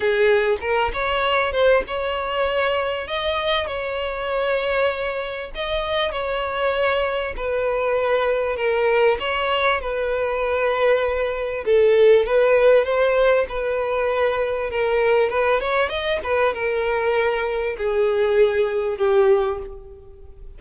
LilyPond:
\new Staff \with { instrumentName = "violin" } { \time 4/4 \tempo 4 = 98 gis'4 ais'8 cis''4 c''8 cis''4~ | cis''4 dis''4 cis''2~ | cis''4 dis''4 cis''2 | b'2 ais'4 cis''4 |
b'2. a'4 | b'4 c''4 b'2 | ais'4 b'8 cis''8 dis''8 b'8 ais'4~ | ais'4 gis'2 g'4 | }